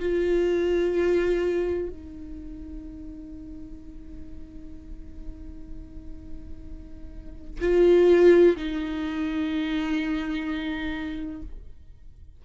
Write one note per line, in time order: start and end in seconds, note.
0.00 1.89 F4
1.89 7.61 D#4
7.61 8.56 F4
8.57 11.42 D#4